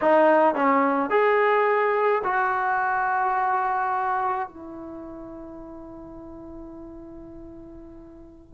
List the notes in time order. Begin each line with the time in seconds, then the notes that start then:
0.01 D#4
0.55 C#4
1.10 G#4
2.24 F#4
4.48 E4